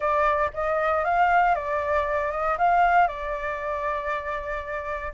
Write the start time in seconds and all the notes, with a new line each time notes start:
0.00 D5
0.53 D#5
1.04 F5
1.55 D5
2.31 D#5
2.58 F5
3.07 D5